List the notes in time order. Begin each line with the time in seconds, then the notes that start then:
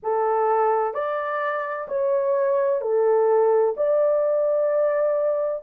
0.03 A4
0.94 D5
1.87 C#5
2.81 A4
3.76 D5